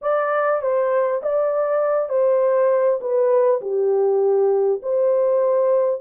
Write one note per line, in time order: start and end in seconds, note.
0.01 0.61 D5
0.61 1.21 C5
1.22 2.09 D5
2.09 2.99 C5
3.00 3.60 B4
3.61 4.81 G4
4.82 6.01 C5